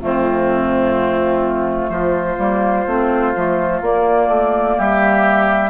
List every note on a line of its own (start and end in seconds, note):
0.00 1.88 F2
0.00 2.38 A3
0.00 1.91 C4
0.00 1.89 F4
1.88 2.36 F3
1.88 4.77 F4
1.88 3.80 C5
2.38 2.86 G3
2.38 2.85 A#3
2.87 3.34 A3
2.87 3.35 C4
3.35 3.81 F3
3.35 3.82 A3
3.81 4.27 A#3
3.81 5.70 A#3
3.81 4.79 D5
4.27 4.75 A3
4.77 5.70 G3
4.77 5.70 G4
4.77 5.70 E5